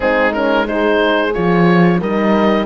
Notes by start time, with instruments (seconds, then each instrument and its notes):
0.00 cello G#3, horn C4 D#4, oboe G#4
0.33 horn C#4, oboe A#4
0.64 horn D#4 G#4, oboe C5
1.33 cello F3, horn F4, oboe C#5
2.00 cello G3, horn D#4 A#4, oboe D#5